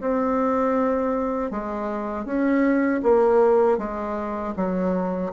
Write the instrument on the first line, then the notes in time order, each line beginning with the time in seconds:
bassoon
0.00 C4
1.51 G#3
2.25 C#4
3.02 A#3
3.78 G#3
4.56 F#3